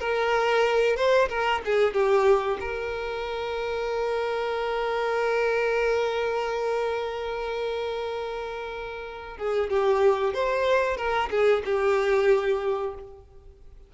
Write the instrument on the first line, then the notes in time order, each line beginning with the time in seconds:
violin
0.00 A#4
0.96 C5
1.29 A#4
1.65 G#4
1.94 G4
2.60 A#4
9.38 G#4
9.70 G4
10.34 C5
10.97 A#4
11.31 G#4
11.65 G4